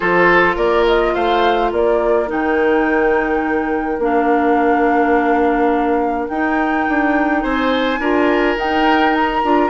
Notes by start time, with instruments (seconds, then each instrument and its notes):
0.00 bassoon F3, clarinet F4, oboe A4, flute C5
0.55 bassoon A#3, oboe A#4, flute D5
0.86 flute D#5
1.14 bassoon A3, oboe C5, flute F5
1.71 bassoon A#3, oboe A#4, flute D5
2.27 bassoon D#3, clarinet D#4, flute G5
3.98 bassoon A#3, clarinet D4, flute F5
6.28 bassoon D#4, clarinet D#4, flute G5
6.88 bassoon D4
7.42 bassoon C4, oboe C5, flute G#5
7.99 bassoon D4, clarinet F4, oboe A#4
8.56 bassoon D#4, clarinet D#4, flute G5
9.14 flute A#5
9.43 bassoon D4, clarinet F4